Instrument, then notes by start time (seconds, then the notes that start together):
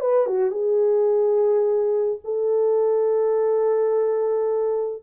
horn
0.00 B4
0.27 F#4
0.51 G#4
2.24 A4